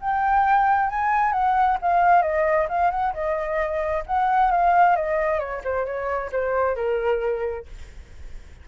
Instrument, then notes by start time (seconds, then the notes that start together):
flute
0.00 G5
0.89 G#5
1.32 F#5
1.81 F5
2.22 D#5
2.69 F5
2.91 F#5
3.13 D#5
4.06 F#5
4.51 F5
4.96 D#5
5.39 C#5
5.63 C5
5.85 C#5
6.32 C5
6.75 A#4